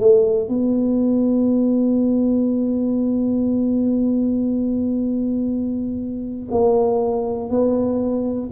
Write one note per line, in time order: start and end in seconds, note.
0.00 0.49 A3
0.49 6.49 B3
6.51 7.50 A#3
7.50 8.50 B3